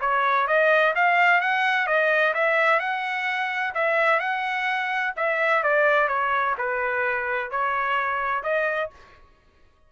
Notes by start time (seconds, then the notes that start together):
0.00 C#5
0.47 D#5
0.95 F5
1.40 F#5
1.86 D#5
2.34 E5
2.79 F#5
3.74 E5
4.19 F#5
5.16 E5
5.63 D5
6.08 C#5
6.58 B4
7.50 C#5
8.43 D#5